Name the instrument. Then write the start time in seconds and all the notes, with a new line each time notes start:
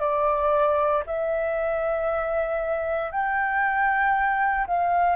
flute
0.00 D5
1.07 E5
3.12 G5
4.67 F5